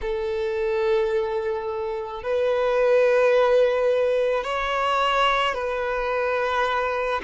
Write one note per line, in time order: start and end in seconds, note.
0.01 2.23 A4
2.23 4.44 B4
4.44 5.54 C#5
5.54 7.21 B4